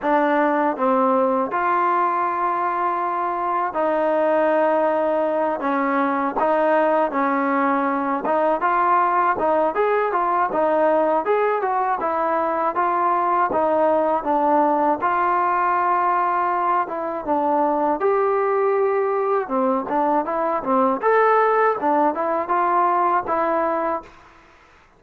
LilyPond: \new Staff \with { instrumentName = "trombone" } { \time 4/4 \tempo 4 = 80 d'4 c'4 f'2~ | f'4 dis'2~ dis'8 cis'8~ | cis'8 dis'4 cis'4. dis'8 f'8~ | f'8 dis'8 gis'8 f'8 dis'4 gis'8 fis'8 |
e'4 f'4 dis'4 d'4 | f'2~ f'8 e'8 d'4 | g'2 c'8 d'8 e'8 c'8 | a'4 d'8 e'8 f'4 e'4 | }